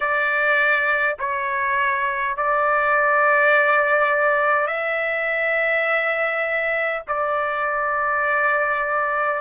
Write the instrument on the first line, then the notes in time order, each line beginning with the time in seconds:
trumpet
0.00 D5
1.19 C#5
2.36 D5
4.67 E5
7.07 D5